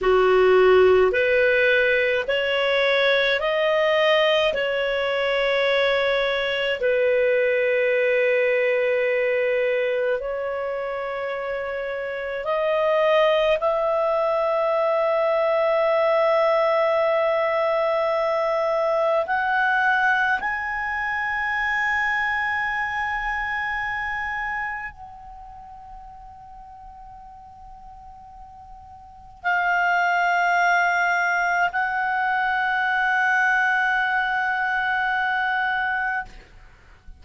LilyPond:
\new Staff \with { instrumentName = "clarinet" } { \time 4/4 \tempo 4 = 53 fis'4 b'4 cis''4 dis''4 | cis''2 b'2~ | b'4 cis''2 dis''4 | e''1~ |
e''4 fis''4 gis''2~ | gis''2 fis''2~ | fis''2 f''2 | fis''1 | }